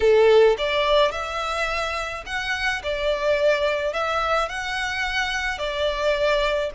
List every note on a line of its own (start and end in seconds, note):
0.00 0.56 A4
0.58 1.11 D5
1.11 2.24 E5
2.26 2.82 F#5
2.83 3.93 D5
3.93 4.48 E5
4.48 5.58 F#5
5.58 6.70 D5